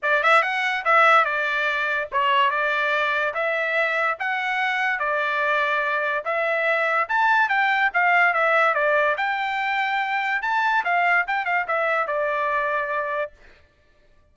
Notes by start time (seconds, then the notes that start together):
0.02 D5
0.23 E5
0.42 F#5
0.84 E5
1.25 D5
2.12 C#5
2.50 D5
3.34 E5
4.19 F#5
4.99 D5
6.25 E5
7.09 A5
7.48 G5
7.93 F5
8.33 E5
8.74 D5
9.17 G5
10.42 A5
10.84 F5
11.27 G5
11.45 F5
11.67 E5
12.07 D5